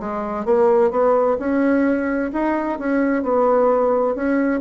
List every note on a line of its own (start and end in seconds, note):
0.00 0.45 G#3
0.45 0.91 A#3
0.91 1.37 B3
1.39 2.32 C#4
2.33 2.79 D#4
2.79 3.23 C#4
3.23 4.15 B3
4.15 4.62 C#4